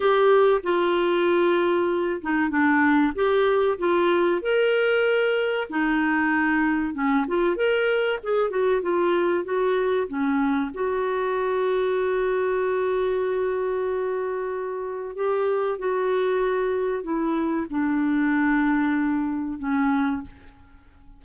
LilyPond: \new Staff \with { instrumentName = "clarinet" } { \time 4/4 \tempo 4 = 95 g'4 f'2~ f'8 dis'8 | d'4 g'4 f'4 ais'4~ | ais'4 dis'2 cis'8 f'8 | ais'4 gis'8 fis'8 f'4 fis'4 |
cis'4 fis'2.~ | fis'1 | g'4 fis'2 e'4 | d'2. cis'4 | }